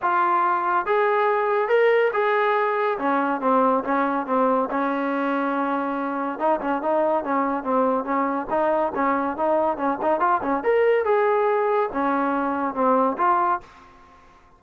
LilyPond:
\new Staff \with { instrumentName = "trombone" } { \time 4/4 \tempo 4 = 141 f'2 gis'2 | ais'4 gis'2 cis'4 | c'4 cis'4 c'4 cis'4~ | cis'2. dis'8 cis'8 |
dis'4 cis'4 c'4 cis'4 | dis'4 cis'4 dis'4 cis'8 dis'8 | f'8 cis'8 ais'4 gis'2 | cis'2 c'4 f'4 | }